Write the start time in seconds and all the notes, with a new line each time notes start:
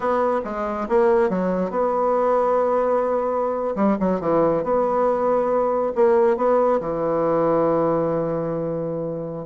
0.00 B3
0.44 G#3
0.88 A#3
1.29 F#3
1.70 B3
3.75 G3
3.99 F#3
4.20 E3
4.63 B3
5.95 A#3
6.36 B3
6.80 E3